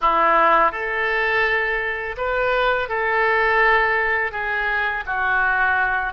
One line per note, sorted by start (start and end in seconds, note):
0.01 0.71 E4
0.71 2.16 A4
2.17 2.88 B4
2.88 4.31 A4
4.31 5.03 G#4
5.06 6.13 F#4